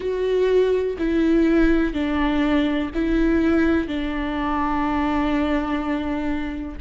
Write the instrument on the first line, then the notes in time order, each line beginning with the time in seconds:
viola
0.00 F#4
0.98 E4
1.94 D4
2.94 E4
3.87 D4